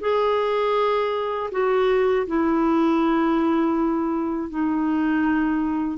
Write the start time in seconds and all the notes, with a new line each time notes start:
0.00 G#4
1.51 F#4
2.27 E4
4.50 D#4